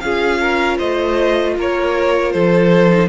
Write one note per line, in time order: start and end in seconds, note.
0.00 0.79 C#4
0.00 2.88 F4
0.00 0.41 G#4
0.00 0.77 F5
0.41 0.77 A#4
0.77 1.57 A3
0.77 1.54 C5
0.77 1.55 D#5
1.57 2.34 A#3
1.57 2.34 A#4
1.57 2.32 C#5
2.32 3.09 F3
2.32 3.09 A4
2.32 3.09 C5
2.88 3.08 D#4